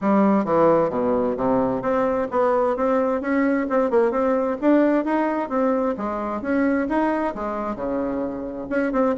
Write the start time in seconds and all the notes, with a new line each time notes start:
0.01 G3
0.45 E3
0.90 B2
1.36 C3
1.82 C4
2.30 B3
2.76 C4
3.21 C#4
3.69 C4
3.90 A#3
4.11 C4
4.61 D4
5.04 D#4
5.49 C4
5.97 G#3
6.41 C#4
6.88 D#4
7.34 G#3
7.75 C#3
8.69 C#4
8.92 C4